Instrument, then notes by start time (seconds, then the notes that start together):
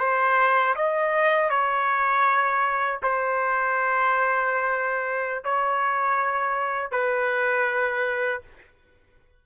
trumpet
0.00 C5
0.76 D#5
1.50 C#5
3.03 C5
5.44 C#5
6.92 B4